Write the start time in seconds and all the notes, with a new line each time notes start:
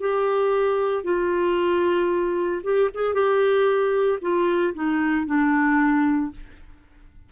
0.00 G4
1.04 F4
2.63 G4
2.94 G#4
3.13 G4
4.21 F4
4.74 D#4
5.26 D4